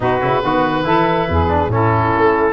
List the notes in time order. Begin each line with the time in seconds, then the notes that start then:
0.00 B2 D#4 F#4 B4
0.21 C#3 E4
0.42 D#3 B3 F#4
0.83 E3 E4 A4
1.29 E2 G#4
1.48 D4
1.68 A2 C#4 E4 A4
2.15 A3